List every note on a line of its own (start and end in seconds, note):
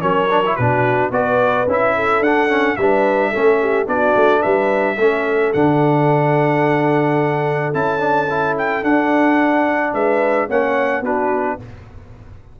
0.00 0.57 F#3
0.00 0.28 C#4
0.00 0.56 A#4
0.00 0.55 C#5
0.30 0.43 D4
0.45 0.59 E4
0.55 1.10 B2
0.55 1.11 D4
0.55 1.12 F#4
0.55 1.10 B4
1.10 1.65 B3
1.10 1.66 F#4
1.10 1.95 B4
1.10 1.67 D5
1.67 2.20 C#4
1.67 2.24 E4
1.67 2.23 E5
1.95 2.78 A4
2.20 2.75 D4
2.20 2.49 D4
2.20 2.76 F#5
2.49 2.76 C#4
2.76 3.32 G3
2.76 3.33 D4
2.76 3.29 B4
2.76 3.86 E5
3.29 3.87 A3
3.29 3.86 C#4
3.29 3.57 A4
3.60 3.88 G4
3.86 4.15 B3
3.86 4.96 D4
3.86 4.41 F#4
3.86 4.42 D5
4.15 4.43 A3
4.41 4.97 G3
4.41 4.95 B4
4.41 5.52 E5
4.95 5.52 A3
4.95 5.54 C#4
4.95 9.91 A4
5.53 7.74 D3
5.53 7.73 D4
5.53 7.73 F#5
7.73 8.83 C#4
7.73 7.99 E4
7.73 8.56 A5
7.99 8.26 D4
8.30 8.83 E4
8.57 8.83 G5
8.83 9.93 D4
8.83 10.49 D4
8.83 9.93 F#5
9.93 10.48 G#3
9.93 10.47 B4
9.93 10.49 E5
10.47 11.01 A#3
10.47 11.04 C#4
10.47 11.03 C#5
10.47 11.04 F#5
11.01 11.56 B3
11.01 11.59 D4
11.01 11.58 F#4
11.01 11.59 B4